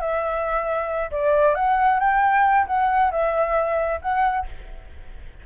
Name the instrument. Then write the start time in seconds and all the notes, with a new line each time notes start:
flute
0.00 E5
1.11 D5
1.55 F#5
2.00 G5
2.67 F#5
3.12 E5
4.02 F#5